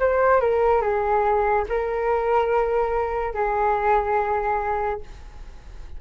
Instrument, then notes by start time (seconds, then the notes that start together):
flute
0.00 C5
0.41 A#4
0.82 G#4
1.69 A#4
3.34 G#4